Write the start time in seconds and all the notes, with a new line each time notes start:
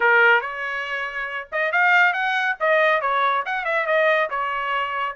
0.00 A#4
0.41 C#5
1.52 D#5
1.72 F5
2.13 F#5
2.59 D#5
3.01 C#5
3.45 F#5
3.64 E5
3.86 D#5
4.30 C#5